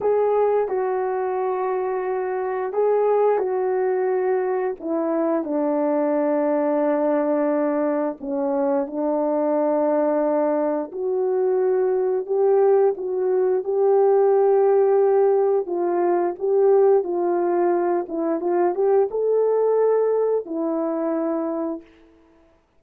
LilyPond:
\new Staff \with { instrumentName = "horn" } { \time 4/4 \tempo 4 = 88 gis'4 fis'2. | gis'4 fis'2 e'4 | d'1 | cis'4 d'2. |
fis'2 g'4 fis'4 | g'2. f'4 | g'4 f'4. e'8 f'8 g'8 | a'2 e'2 | }